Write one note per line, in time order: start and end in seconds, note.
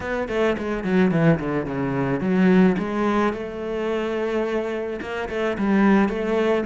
0.00 0.28 B3
0.28 0.56 A3
0.58 0.84 G#3
0.84 1.11 F#3
1.11 1.39 E3
1.39 1.66 D3
1.66 2.20 C#3
2.20 2.76 F#3
2.78 3.33 G#3
3.33 5.00 A3
5.01 5.29 A#3
5.29 5.57 A3
5.57 6.09 G3
6.09 6.64 A3